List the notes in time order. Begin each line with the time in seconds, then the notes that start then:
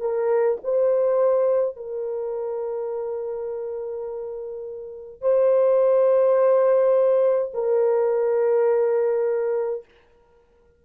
0.00 A#4
0.63 C5
1.76 A#4
5.21 C5
7.53 A#4